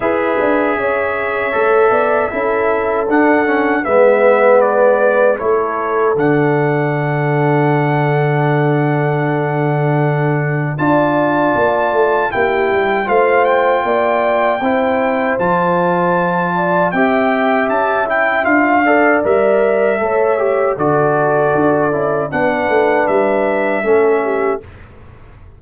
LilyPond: <<
  \new Staff \with { instrumentName = "trumpet" } { \time 4/4 \tempo 4 = 78 e''1 | fis''4 e''4 d''4 cis''4 | fis''1~ | fis''2 a''2 |
g''4 f''8 g''2~ g''8 | a''2 g''4 a''8 g''8 | f''4 e''2 d''4~ | d''4 fis''4 e''2 | }
  \new Staff \with { instrumentName = "horn" } { \time 4/4 b'4 cis''4. d''8 a'4~ | a'4 b'2 a'4~ | a'1~ | a'2 d''2 |
g'4 c''4 d''4 c''4~ | c''4. d''8 e''2~ | e''8 d''4. cis''4 a'4~ | a'4 b'2 a'8 g'8 | }
  \new Staff \with { instrumentName = "trombone" } { \time 4/4 gis'2 a'4 e'4 | d'8 cis'8 b2 e'4 | d'1~ | d'2 f'2 |
e'4 f'2 e'4 | f'2 g'4. e'8 | f'8 a'8 ais'4 a'8 g'8 fis'4~ | fis'8 e'8 d'2 cis'4 | }
  \new Staff \with { instrumentName = "tuba" } { \time 4/4 e'8 d'8 cis'4 a8 b8 cis'4 | d'4 gis2 a4 | d1~ | d2 d'4 ais8 a8 |
ais8 g8 a4 ais4 c'4 | f2 c'4 cis'4 | d'4 g4 a4 d4 | d'8 cis'8 b8 a8 g4 a4 | }
>>